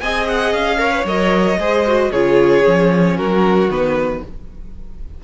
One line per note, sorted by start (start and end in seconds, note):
0.00 0.53 C4
0.00 0.78 G#4
0.00 0.80 D#5
0.00 0.26 G#5
0.27 0.53 F#5
0.53 1.04 C#4
0.53 1.06 F5
0.78 0.90 A#4
0.78 1.59 C#5
0.90 1.03 B4
1.04 1.57 F#3
1.04 1.59 A#4
1.04 2.12 D#5
1.58 2.10 G#3
1.58 1.85 G#4
1.58 2.11 C5
1.86 2.12 F#4
2.11 2.64 C#3
2.11 2.63 F4
2.11 3.16 G#4
2.11 3.17 C#5
2.63 3.19 F3
2.63 3.68 C#4
3.16 3.68 F#3
3.16 4.21 F#4
3.16 3.70 A#4
3.68 4.21 D#3
3.68 4.22 B3
3.68 4.23 B4